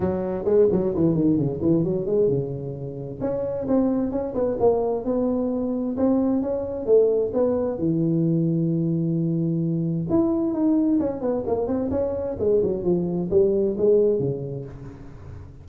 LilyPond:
\new Staff \with { instrumentName = "tuba" } { \time 4/4 \tempo 4 = 131 fis4 gis8 fis8 e8 dis8 cis8 e8 | fis8 gis8 cis2 cis'4 | c'4 cis'8 b8 ais4 b4~ | b4 c'4 cis'4 a4 |
b4 e2.~ | e2 e'4 dis'4 | cis'8 b8 ais8 c'8 cis'4 gis8 fis8 | f4 g4 gis4 cis4 | }